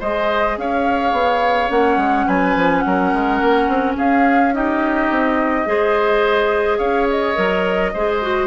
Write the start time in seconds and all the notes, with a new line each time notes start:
0.00 G#3 G#4 C5 D#5
0.58 C#4 C#5 F5
1.12 B3
1.70 A#3 C#4 F#5
1.97 G#3
2.27 F#3 B4 G#5
2.56 F3
2.80 F#3 F#5
2.87 A#4
3.14 G#3
3.41 A#3
3.68 C4
3.97 C#4 G#4 F5
4.53 D#4 G4 D#5
5.10 C4
5.66 G#3 G#4 C5
6.78 C#4 C#5 F5
7.10 D#5
7.35 F#3 A#4
7.94 G#3 G#4 C5
8.22 F#4